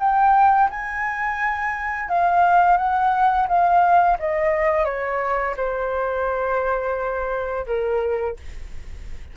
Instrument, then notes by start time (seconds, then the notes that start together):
flute
0.00 G5
0.70 G#5
2.09 F5
2.77 F#5
3.48 F5
4.20 D#5
4.85 C#5
5.57 C5
7.67 A#4